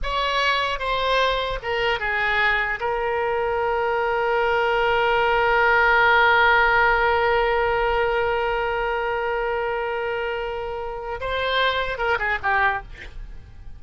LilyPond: \new Staff \with { instrumentName = "oboe" } { \time 4/4 \tempo 4 = 150 cis''2 c''2 | ais'4 gis'2 ais'4~ | ais'1~ | ais'1~ |
ais'1~ | ais'1~ | ais'1 | c''2 ais'8 gis'8 g'4 | }